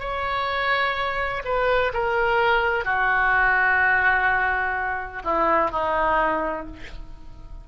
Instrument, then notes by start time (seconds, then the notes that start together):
oboe
0.00 C#5
1.45 B4
1.94 A#4
2.85 F#4
5.25 E4
5.72 D#4